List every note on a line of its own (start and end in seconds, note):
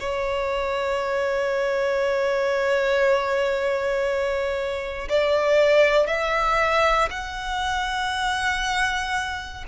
0.00 5.08 C#5
5.08 6.07 D5
6.07 7.09 E5
7.10 9.65 F#5